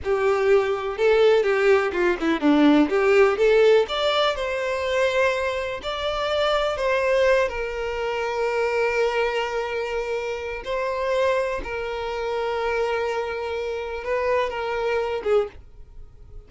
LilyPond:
\new Staff \with { instrumentName = "violin" } { \time 4/4 \tempo 4 = 124 g'2 a'4 g'4 | f'8 e'8 d'4 g'4 a'4 | d''4 c''2. | d''2 c''4. ais'8~ |
ais'1~ | ais'2 c''2 | ais'1~ | ais'4 b'4 ais'4. gis'8 | }